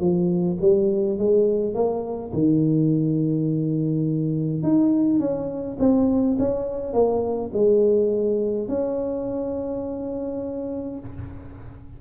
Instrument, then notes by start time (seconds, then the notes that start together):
tuba
0.00 F3
0.61 G3
1.19 G#3
1.74 A#3
2.33 D#3
4.63 D#4
5.19 C#4
5.79 C4
6.39 C#4
6.93 A#3
7.53 G#3
8.68 C#4